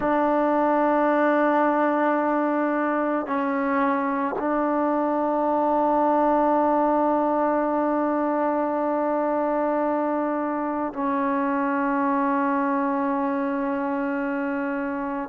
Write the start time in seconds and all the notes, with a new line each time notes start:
0.00 D4
3.26 C#4
4.38 D4
10.93 C#4